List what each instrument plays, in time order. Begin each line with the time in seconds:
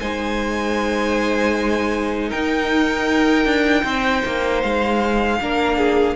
0.00 cello G#3, viola D#4, violin C5 G#5
2.29 cello D#4, violin A#4 G5
3.46 cello D4
3.84 cello C4, violin C5
4.26 cello A#3
4.62 cello G#3, violin F5
5.41 cello A#3, viola D4, violin A#4
5.78 violin G#4